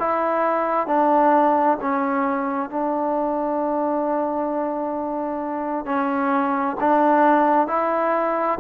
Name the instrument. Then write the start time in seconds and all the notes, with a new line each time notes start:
trombone
0.00 E4
0.87 D4
1.81 C#4
2.70 D4
5.86 C#4
6.81 D4
7.68 E4